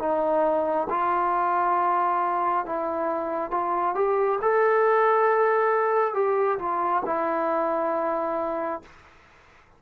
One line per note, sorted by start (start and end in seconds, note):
0.00 0.88 D#4
0.90 2.66 F4
2.66 3.51 E4
3.51 3.95 F4
3.95 4.40 G4
4.42 6.14 A4
6.14 6.59 G4
6.59 7.03 F4
7.06 8.82 E4